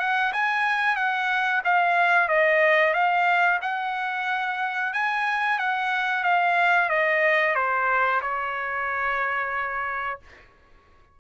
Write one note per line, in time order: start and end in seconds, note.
0.00 0.33 F#5
0.33 0.97 G#5
0.97 1.62 F#5
1.65 2.29 F5
2.29 2.94 D#5
2.94 3.60 F5
3.62 4.94 F#5
4.94 5.59 G#5
5.59 6.24 F#5
6.24 6.90 F5
6.90 7.56 D#5
7.56 8.21 C5
8.22 10.20 C#5